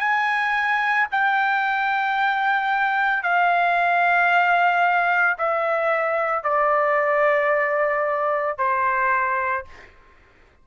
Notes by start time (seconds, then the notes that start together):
0.00 G#5
1.12 G5
3.23 F5
5.38 E5
6.44 D5
8.58 C5